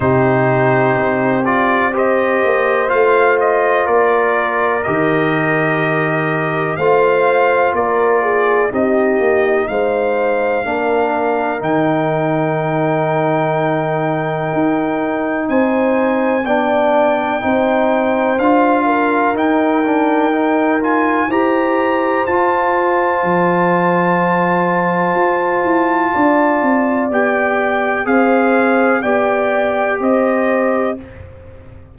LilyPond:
<<
  \new Staff \with { instrumentName = "trumpet" } { \time 4/4 \tempo 4 = 62 c''4. d''8 dis''4 f''8 dis''8 | d''4 dis''2 f''4 | d''4 dis''4 f''2 | g''1 |
gis''4 g''2 f''4 | g''4. gis''8 ais''4 a''4~ | a''1 | g''4 f''4 g''4 dis''4 | }
  \new Staff \with { instrumentName = "horn" } { \time 4/4 g'2 c''2 | ais'2. c''4 | ais'8 gis'8 g'4 c''4 ais'4~ | ais'1 |
c''4 d''4 c''4. ais'8~ | ais'2 c''2~ | c''2. d''4~ | d''4 c''4 d''4 c''4 | }
  \new Staff \with { instrumentName = "trombone" } { \time 4/4 dis'4. f'8 g'4 f'4~ | f'4 g'2 f'4~ | f'4 dis'2 d'4 | dis'1~ |
dis'4 d'4 dis'4 f'4 | dis'8 d'8 dis'8 f'8 g'4 f'4~ | f'1 | g'4 gis'4 g'2 | }
  \new Staff \with { instrumentName = "tuba" } { \time 4/4 c4 c'4. ais8 a4 | ais4 dis2 a4 | ais4 c'8 ais8 gis4 ais4 | dis2. dis'4 |
c'4 b4 c'4 d'4 | dis'2 e'4 f'4 | f2 f'8 e'8 d'8 c'8 | b4 c'4 b4 c'4 | }
>>